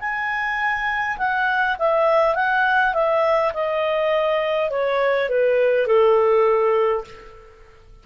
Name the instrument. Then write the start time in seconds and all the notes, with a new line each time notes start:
clarinet
0.00 G#5
1.18 F#5
1.79 E5
2.35 F#5
2.94 E5
3.53 D#5
4.71 C#5
5.29 B4
5.87 A4